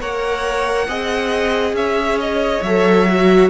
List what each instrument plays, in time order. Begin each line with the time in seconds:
0.00 cello A#3, viola A#4, violin C#5 F#5
0.88 cello C4, viola G#4, violin D#5
1.72 cello C#4, violin C#5 E5
2.20 violin D#5
2.62 cello F#3, viola A4, violin E5
3.07 viola F#4